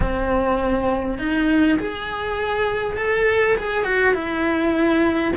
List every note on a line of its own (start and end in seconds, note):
0.00 1.18 C4
1.18 1.78 D#4
1.78 2.97 G#4
2.97 3.56 A4
3.57 3.84 G#4
3.84 4.14 F#4
4.14 5.32 E4